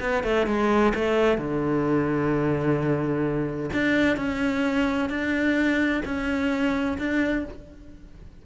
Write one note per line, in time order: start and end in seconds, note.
0.00 0.23 B3
0.23 0.47 A3
0.47 0.93 G#3
0.95 1.38 A3
1.38 3.70 D3
3.73 4.17 D4
4.17 5.09 C#4
5.09 6.02 D4
6.05 6.98 C#4
6.98 7.45 D4